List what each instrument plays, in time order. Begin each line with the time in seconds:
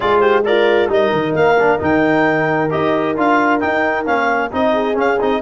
0.00 tuba G#3, trombone F4, horn G#4, clarinet D5
0.20 horn G4, clarinet C5
0.45 horn F4, trombone A#4, clarinet D5
0.87 tuba G3, trombone D#4, horn A#4, clarinet D#5
1.12 tuba D#3
1.34 tuba A#3, clarinet F5
1.59 trombone D4
1.79 tuba D#3, trombone D#4, clarinet G5
2.70 tuba D#4, trombone G4, clarinet D#5
3.16 tuba D4, trombone F4, clarinet F5
3.59 trombone D#4, tuba D#4, clarinet G5
4.05 tuba A#3, trombone C#4, clarinet F5
4.51 tuba C4, trombone D#4, clarinet D#5
4.73 horn G#4
4.94 trombone C#4, tuba C#4, clarinet F5
5.20 tuba C4, trombone D#4, clarinet D#5